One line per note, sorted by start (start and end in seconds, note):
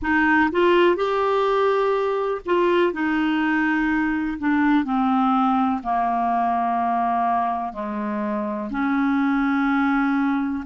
0.01 0.50 D#4
0.51 0.96 F4
0.96 2.41 G4
2.45 2.93 F4
2.93 4.38 D#4
4.39 4.84 D4
4.84 5.81 C4
5.83 7.72 A#3
7.72 8.69 G#3
8.70 10.64 C#4